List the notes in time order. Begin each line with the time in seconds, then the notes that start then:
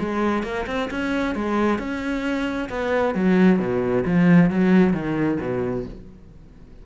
0.00 G#3
0.44 A#3
0.67 C4
0.91 C#4
1.35 G#3
1.79 C#4
2.70 B3
3.15 F#3
3.59 B2
4.06 F3
4.51 F#3
4.94 D#3
5.41 B2